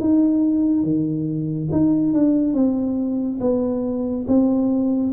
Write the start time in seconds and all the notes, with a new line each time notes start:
0.00 D#4
0.83 D#3
1.71 D#4
2.14 D4
2.54 C4
3.41 B3
4.27 C4